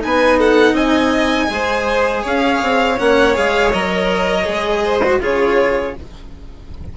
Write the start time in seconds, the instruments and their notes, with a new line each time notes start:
0.00 bassoon B3, cello D#4, violin B4 G#5
0.39 violin A4 F#5
0.73 bassoon C4, violin D#5 G#5
1.48 bassoon G#3, cello G#4, violin C5
2.23 bassoon C#4, violin C#5 F5
2.62 bassoon C4
2.99 bassoon A#3, cello C#4, violin F#5
3.35 bassoon G#3, cello G#4, violin F5
3.72 bassoon F#3, cello A#4, violin D#5
4.46 bassoon G#3, cello G#4
4.84 violin C5
5.04 cello F#4
5.20 bassoon C#3, cello F4, violin G#4 C#5